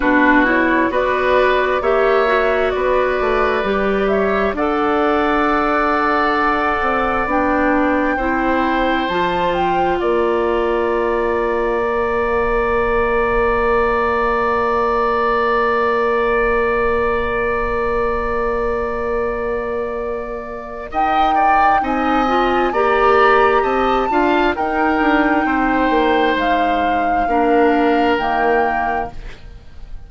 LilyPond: <<
  \new Staff \with { instrumentName = "flute" } { \time 4/4 \tempo 4 = 66 b'8 cis''8 d''4 e''4 d''4~ | d''8 e''8 fis''2. | g''2 a''8 g''8 f''4~ | f''1~ |
f''1~ | f''2. g''4 | gis''4 ais''4 a''4 g''4~ | g''4 f''2 g''4 | }
  \new Staff \with { instrumentName = "oboe" } { \time 4/4 fis'4 b'4 cis''4 b'4~ | b'8 cis''8 d''2.~ | d''4 c''2 d''4~ | d''1~ |
d''1~ | d''2. dis''8 d''8 | dis''4 d''4 dis''8 f''8 ais'4 | c''2 ais'2 | }
  \new Staff \with { instrumentName = "clarinet" } { \time 4/4 d'8 e'8 fis'4 g'8 fis'4. | g'4 a'2. | d'4 e'4 f'2~ | f'4 ais'2.~ |
ais'1~ | ais'1 | dis'8 f'8 g'4. f'8 dis'4~ | dis'2 d'4 ais4 | }
  \new Staff \with { instrumentName = "bassoon" } { \time 4/4 b,4 b4 ais4 b8 a8 | g4 d'2~ d'8 c'8 | b4 c'4 f4 ais4~ | ais1~ |
ais1~ | ais2. dis'4 | c'4 ais4 c'8 d'8 dis'8 d'8 | c'8 ais8 gis4 ais4 dis4 | }
>>